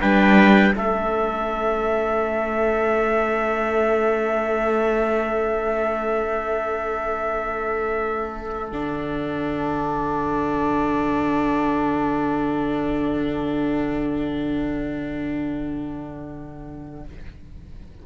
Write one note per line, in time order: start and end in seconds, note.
0.00 0.75 G3
0.00 0.73 D4
0.00 0.74 B4
0.00 0.75 G5
0.73 8.71 A3
0.73 8.69 C#4
0.73 17.05 A4
0.73 8.70 E5
8.70 17.05 D3
8.70 17.06 D4
8.70 17.04 F#5